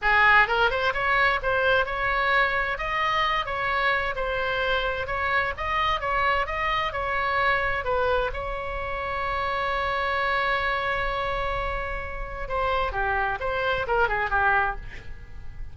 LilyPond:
\new Staff \with { instrumentName = "oboe" } { \time 4/4 \tempo 4 = 130 gis'4 ais'8 c''8 cis''4 c''4 | cis''2 dis''4. cis''8~ | cis''4 c''2 cis''4 | dis''4 cis''4 dis''4 cis''4~ |
cis''4 b'4 cis''2~ | cis''1~ | cis''2. c''4 | g'4 c''4 ais'8 gis'8 g'4 | }